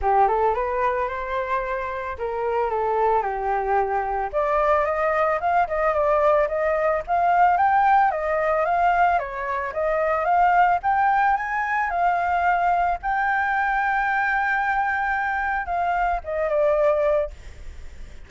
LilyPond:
\new Staff \with { instrumentName = "flute" } { \time 4/4 \tempo 4 = 111 g'8 a'8 b'4 c''2 | ais'4 a'4 g'2 | d''4 dis''4 f''8 dis''8 d''4 | dis''4 f''4 g''4 dis''4 |
f''4 cis''4 dis''4 f''4 | g''4 gis''4 f''2 | g''1~ | g''4 f''4 dis''8 d''4. | }